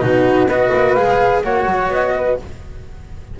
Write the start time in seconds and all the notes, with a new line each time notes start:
0.00 B2 D#4 F#4 B4
0.46 B3 F#4 B4 D#5
0.73 A#3
0.94 G#3 G#4 F5
1.42 A#3 F#4 C#5 F#5
1.65 F#3
1.88 B3 D#5
2.16 B4